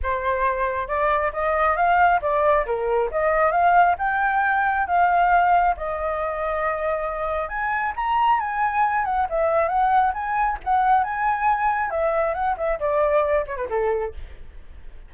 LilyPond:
\new Staff \with { instrumentName = "flute" } { \time 4/4 \tempo 4 = 136 c''2 d''4 dis''4 | f''4 d''4 ais'4 dis''4 | f''4 g''2 f''4~ | f''4 dis''2.~ |
dis''4 gis''4 ais''4 gis''4~ | gis''8 fis''8 e''4 fis''4 gis''4 | fis''4 gis''2 e''4 | fis''8 e''8 d''4. cis''16 b'16 a'4 | }